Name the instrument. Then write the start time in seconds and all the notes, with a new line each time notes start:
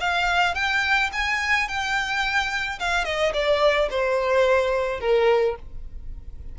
violin
0.00 F5
0.55 G5
1.12 G#5
1.68 G5
2.80 F5
3.05 D#5
3.33 D5
3.90 C5
5.00 A#4